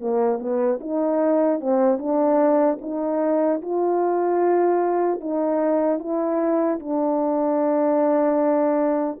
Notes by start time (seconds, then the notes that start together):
0.00 A#3
0.39 B3
0.80 D#4
1.60 C4
1.98 D4
2.81 D#4
3.61 F4
5.20 D#4
5.99 E4
6.79 D4